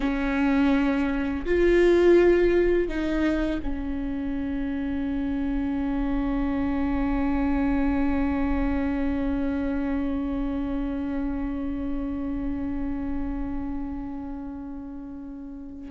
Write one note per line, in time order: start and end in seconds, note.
0.00 1.45 C#4
1.45 2.88 F4
2.88 3.60 D#4
3.62 15.90 C#4